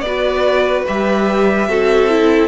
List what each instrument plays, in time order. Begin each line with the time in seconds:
0.00 cello B3, viola F#4, violin B4 D5
0.86 cello G3, viola G4, violin E5
1.68 cello C4, viola F#4, violin A4
2.09 viola E4